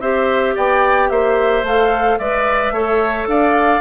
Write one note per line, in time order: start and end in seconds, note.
0.00 0.55 C4
0.00 1.65 G4
0.00 0.55 C5
0.00 0.55 E5
0.55 1.10 B3
0.55 1.09 D5
0.55 1.10 G5
1.10 1.63 A#3
1.10 2.19 C5
1.10 1.64 E5
1.63 2.17 A3
1.63 2.20 A4
1.63 2.18 F5
2.18 2.71 G#3
2.18 2.75 B4
2.18 2.73 D5
2.18 3.27 E5
2.71 3.26 A3
2.71 3.81 A4
2.71 3.27 C#5
3.27 3.81 D4
3.27 3.81 D5
3.27 3.81 F5